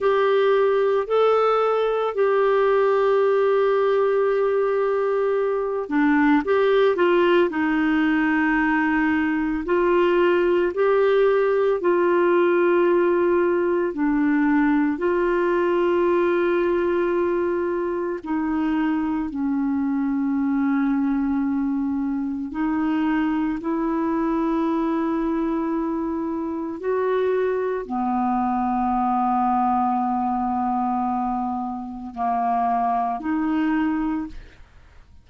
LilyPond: \new Staff \with { instrumentName = "clarinet" } { \time 4/4 \tempo 4 = 56 g'4 a'4 g'2~ | g'4. d'8 g'8 f'8 dis'4~ | dis'4 f'4 g'4 f'4~ | f'4 d'4 f'2~ |
f'4 dis'4 cis'2~ | cis'4 dis'4 e'2~ | e'4 fis'4 b2~ | b2 ais4 dis'4 | }